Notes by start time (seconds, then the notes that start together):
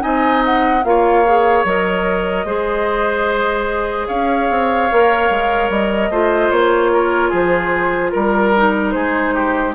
0.00 C4 D#4 D#5 G#5
0.46 F#5
0.84 A#3 F4 C#5 F5
1.26 G#4
1.65 F#3 A#4 D#5
2.45 G#3 G#4 C5
4.08 C#4 C#5 F5
4.50 C4
4.91 A#3 A#4
5.30 G#3
5.70 G3 D#5
6.10 A3 F4 C5
6.51 A#3 C#5
6.93 A#4
7.30 F3 G#4 C5
8.11 G3 A#4
8.56 D#4
8.92 G#3 G#4 C5
9.34 G4